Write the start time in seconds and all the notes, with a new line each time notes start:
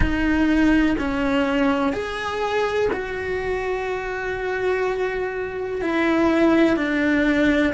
0.00 D#4
0.98 C#4
1.93 G#4
2.93 F#4
5.81 E4
6.76 D4